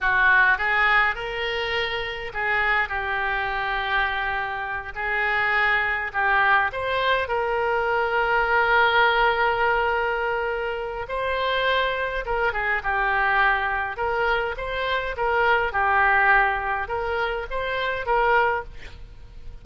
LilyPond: \new Staff \with { instrumentName = "oboe" } { \time 4/4 \tempo 4 = 103 fis'4 gis'4 ais'2 | gis'4 g'2.~ | g'8 gis'2 g'4 c''8~ | c''8 ais'2.~ ais'8~ |
ais'2. c''4~ | c''4 ais'8 gis'8 g'2 | ais'4 c''4 ais'4 g'4~ | g'4 ais'4 c''4 ais'4 | }